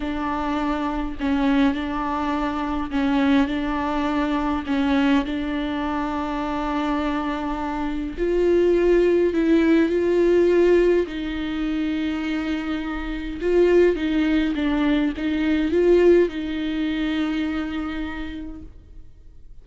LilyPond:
\new Staff \with { instrumentName = "viola" } { \time 4/4 \tempo 4 = 103 d'2 cis'4 d'4~ | d'4 cis'4 d'2 | cis'4 d'2.~ | d'2 f'2 |
e'4 f'2 dis'4~ | dis'2. f'4 | dis'4 d'4 dis'4 f'4 | dis'1 | }